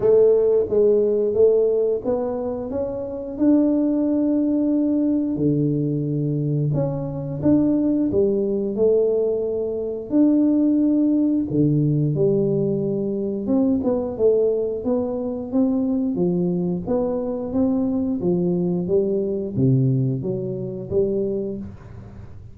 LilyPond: \new Staff \with { instrumentName = "tuba" } { \time 4/4 \tempo 4 = 89 a4 gis4 a4 b4 | cis'4 d'2. | d2 cis'4 d'4 | g4 a2 d'4~ |
d'4 d4 g2 | c'8 b8 a4 b4 c'4 | f4 b4 c'4 f4 | g4 c4 fis4 g4 | }